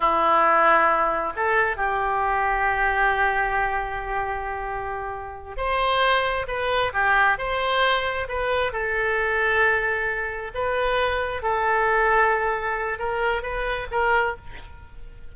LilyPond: \new Staff \with { instrumentName = "oboe" } { \time 4/4 \tempo 4 = 134 e'2. a'4 | g'1~ | g'1~ | g'8 c''2 b'4 g'8~ |
g'8 c''2 b'4 a'8~ | a'2.~ a'8 b'8~ | b'4. a'2~ a'8~ | a'4 ais'4 b'4 ais'4 | }